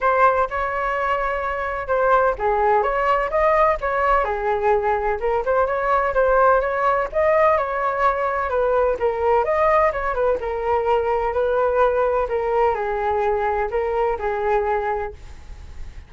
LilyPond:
\new Staff \with { instrumentName = "flute" } { \time 4/4 \tempo 4 = 127 c''4 cis''2. | c''4 gis'4 cis''4 dis''4 | cis''4 gis'2 ais'8 c''8 | cis''4 c''4 cis''4 dis''4 |
cis''2 b'4 ais'4 | dis''4 cis''8 b'8 ais'2 | b'2 ais'4 gis'4~ | gis'4 ais'4 gis'2 | }